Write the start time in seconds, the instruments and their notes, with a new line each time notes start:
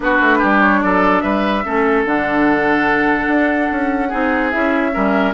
0.00 bassoon B3, clarinet D4, oboe F#4, flute B4
0.20 bassoon A3
0.38 bassoon G3, oboe G4
0.61 flute C#5
0.82 bassoon F#3, oboe A4, flute D5
1.20 bassoon G3, oboe B4, flute E5
1.64 bassoon A3, clarinet C#4, oboe A4
2.04 bassoon D3, clarinet D4, flute F#5
3.27 bassoon D4
3.71 bassoon C#4
4.08 bassoon C4, clarinet D#4, oboe G#4
4.50 bassoon C#4, clarinet E4, flute E5
4.92 bassoon G3, clarinet C#4, oboe A#4